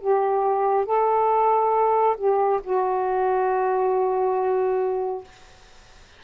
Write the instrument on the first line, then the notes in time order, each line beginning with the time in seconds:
saxophone
0.00 G4
0.85 A4
2.17 G4
2.63 F#4